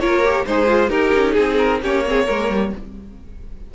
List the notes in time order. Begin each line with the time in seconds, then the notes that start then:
0.00 A#3 F4 A#4 C#5
0.24 G4
0.46 G#3 D#4 G#4 C5
0.67 F4
0.90 D#4 G4 A#4
1.14 C#4
1.33 C4 G#4
1.58 A#4
1.82 A#3 C#4 G4 C#5
2.06 C4 G#4
2.25 G#3 A#3 A#4
2.50 G3